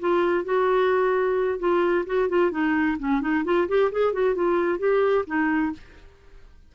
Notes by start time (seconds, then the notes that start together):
0.00 F4
0.45 F#4
1.59 F4
2.06 F#4
2.29 F4
2.52 D#4
2.99 C#4
3.21 D#4
3.45 F4
3.69 G4
3.92 G#4
4.13 F#4
4.36 F4
4.79 G4
5.27 D#4